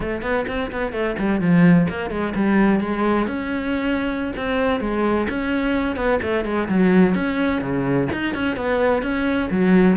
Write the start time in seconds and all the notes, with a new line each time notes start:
0.00 A3
0.22 B3
0.47 C4
0.71 B3
0.92 A3
1.18 G3
1.40 F3
1.89 A#3
2.10 G#3
2.35 G3
2.80 G#3
3.27 C#4
4.36 C4
4.80 G#3
5.29 C#4
5.96 B3
6.22 A3
6.44 G#3
6.68 F#3
7.14 C#4
7.61 C#3
8.12 D#4
8.34 C#4
8.56 B3
9.02 C#4
9.50 F#3